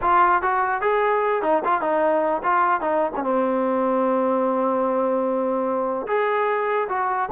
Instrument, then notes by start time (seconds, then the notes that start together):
trombone
0.01 F4
0.42 F#4
0.81 G#4
1.42 D#4
1.64 F4
1.81 D#4
2.43 F4
2.80 D#4
3.16 C#4
3.23 C4
6.07 G#4
6.88 F#4